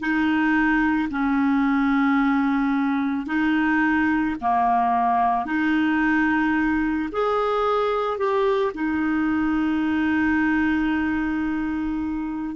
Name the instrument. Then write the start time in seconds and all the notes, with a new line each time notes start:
clarinet
0.00 D#4
1.10 C#4
3.26 D#4
4.41 A#3
5.46 D#4
7.12 G#4
8.18 G4
8.74 D#4